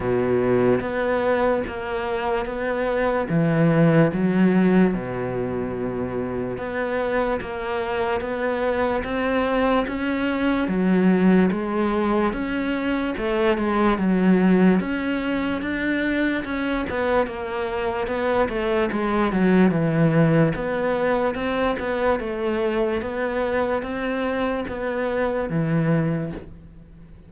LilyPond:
\new Staff \with { instrumentName = "cello" } { \time 4/4 \tempo 4 = 73 b,4 b4 ais4 b4 | e4 fis4 b,2 | b4 ais4 b4 c'4 | cis'4 fis4 gis4 cis'4 |
a8 gis8 fis4 cis'4 d'4 | cis'8 b8 ais4 b8 a8 gis8 fis8 | e4 b4 c'8 b8 a4 | b4 c'4 b4 e4 | }